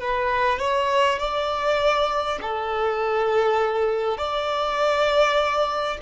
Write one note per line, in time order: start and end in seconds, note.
0.00 0.58 B4
0.58 1.18 C#5
1.18 2.38 D5
2.41 4.17 A4
4.17 5.97 D5